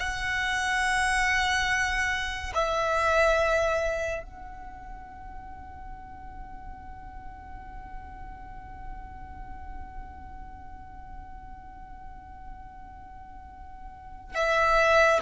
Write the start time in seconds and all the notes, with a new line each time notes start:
0.00 F#5
2.55 E5
4.24 F#5
14.35 E5